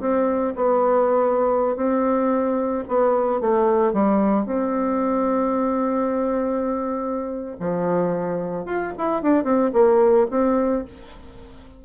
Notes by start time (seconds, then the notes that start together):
0.00 C4
0.56 B3
1.76 C4
2.88 B3
3.40 A3
3.93 G3
4.46 C4
7.60 F3
8.65 F4
8.98 E4
9.22 D4
9.44 C4
9.73 A#3
10.30 C4